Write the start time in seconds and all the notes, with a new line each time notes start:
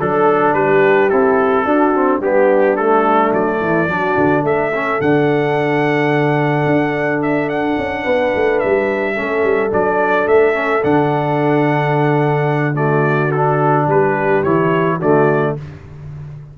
0.00 F#3 D4 A4
0.53 G3 G4 B4
1.09 C4 E4 A4
1.65 D4 F#4
1.95 C4
2.20 G3 B3 D4 G4
2.76 A3 A4
3.33 F#3 D5
3.59 E3 E4
3.88 F#3 D4 F#4
4.17 D3
4.43 A3 A4 E5
4.74 C#4
5.00 D3 D4 F#5
6.66 D4
7.22 E5
7.49 F#5
7.78 C#4
8.02 B3 B4
8.35 A3
8.59 G3 E5
9.14 A3 C#4 A4
9.44 G3
9.70 F#3 D4 D5
10.26 A3 E5
10.53 C#4
10.83 D3 D4 F#5
12.74 A3 F#4 D5
13.31 D4 A4
13.87 G3 G4 B4
14.43 E3 E4 C#5
14.97 D3 A3 F#4 D5